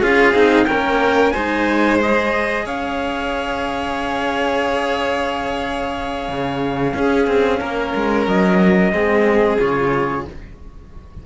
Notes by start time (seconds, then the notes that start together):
0.00 C#4 F4 G#4 F5
0.33 C4 D#4
0.65 C#4 A#4 G5
0.71 A#3
1.30 G#3 D#4 C5 G#5
1.99 G#4 D#5
2.65 C#4 C#5 F5
6.28 C#3
6.93 C#4 G#4
7.27 C4
7.60 A#3 A#4
7.94 G#3
8.26 F#3 D#5
8.92 G#3 C4 G#4
9.58 C#3 F4 C#5